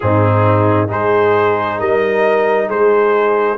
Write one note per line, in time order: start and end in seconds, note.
0.00 0.90 G#2
0.00 0.88 C4
0.00 0.88 D#4
0.00 0.89 G#4
0.88 1.80 G#3
0.88 3.56 D#4
0.88 1.78 G#4
0.88 1.79 C5
1.79 2.69 G3
1.79 2.67 A#4
1.79 2.69 D#5
2.67 3.57 G#3
2.67 3.56 G#4
2.67 3.57 C5